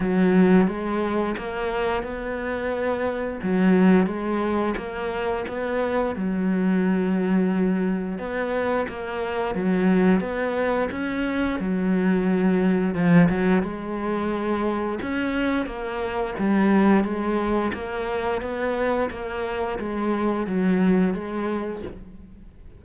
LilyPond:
\new Staff \with { instrumentName = "cello" } { \time 4/4 \tempo 4 = 88 fis4 gis4 ais4 b4~ | b4 fis4 gis4 ais4 | b4 fis2. | b4 ais4 fis4 b4 |
cis'4 fis2 f8 fis8 | gis2 cis'4 ais4 | g4 gis4 ais4 b4 | ais4 gis4 fis4 gis4 | }